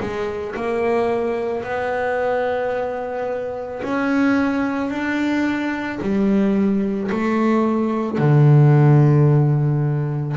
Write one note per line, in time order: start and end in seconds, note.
0.00 0.55 G#3
0.55 1.63 A#3
1.63 3.81 B3
3.82 4.90 C#4
4.90 5.99 D4
6.01 7.11 G3
7.11 8.18 A3
8.18 10.36 D3